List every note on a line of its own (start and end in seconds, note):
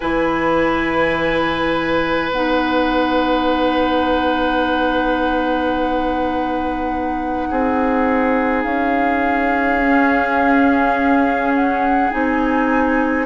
0.00 2.30 E3
0.00 2.31 E4
0.00 7.48 B4
0.00 2.30 G#5
2.30 7.49 B3
2.30 9.80 D#4
2.30 8.63 F#5
7.50 8.64 C4
7.50 13.26 G#4
8.63 12.10 C#4
8.63 11.52 F5
9.80 12.11 C#4
11.54 12.10 F#5
12.10 13.26 C4
12.10 13.26 D#4
12.10 13.26 G#5